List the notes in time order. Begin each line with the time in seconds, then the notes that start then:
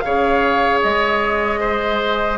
0.00 C#3 G#4 C#5 F5
0.82 G#3 D#5
1.60 C5